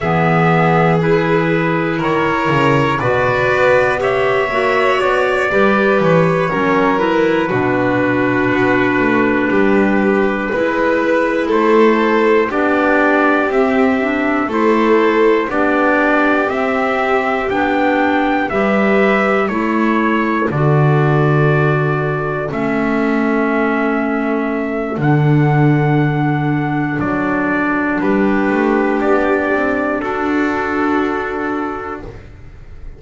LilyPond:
<<
  \new Staff \with { instrumentName = "trumpet" } { \time 4/4 \tempo 4 = 60 e''4 b'4 cis''4 d''4 | e''4 d''4 cis''4 b'4~ | b'2.~ b'8 c''8~ | c''8 d''4 e''4 c''4 d''8~ |
d''8 e''4 g''4 e''4 cis''8~ | cis''8 d''2 e''4.~ | e''4 fis''2 d''4 | b'4 d''4 a'2 | }
  \new Staff \with { instrumentName = "violin" } { \time 4/4 gis'2 ais'4 b'4 | cis''4. b'4 ais'4 fis'8~ | fis'4. g'4 b'4 a'8~ | a'8 g'2 a'4 g'8~ |
g'2~ g'8 b'4 a'8~ | a'1~ | a'1 | g'2 fis'2 | }
  \new Staff \with { instrumentName = "clarinet" } { \time 4/4 b4 e'2 fis'4 | g'8 fis'4 g'4 cis'8 e'8 d'8~ | d'2~ d'8 e'4.~ | e'8 d'4 c'8 d'8 e'4 d'8~ |
d'8 c'4 d'4 g'4 e'8~ | e'8 fis'2 cis'4.~ | cis'4 d'2.~ | d'1 | }
  \new Staff \with { instrumentName = "double bass" } { \time 4/4 e2 dis8 cis8 b,8 b8~ | b8 ais8 b8 g8 e8 fis4 b,8~ | b,8 b8 a8 g4 gis4 a8~ | a8 b4 c'4 a4 b8~ |
b8 c'4 b4 g4 a8~ | a8 d2 a4.~ | a4 d2 fis4 | g8 a8 b8 c'8 d'2 | }
>>